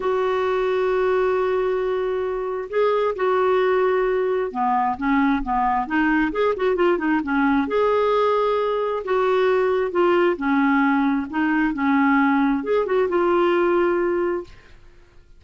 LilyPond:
\new Staff \with { instrumentName = "clarinet" } { \time 4/4 \tempo 4 = 133 fis'1~ | fis'2 gis'4 fis'4~ | fis'2 b4 cis'4 | b4 dis'4 gis'8 fis'8 f'8 dis'8 |
cis'4 gis'2. | fis'2 f'4 cis'4~ | cis'4 dis'4 cis'2 | gis'8 fis'8 f'2. | }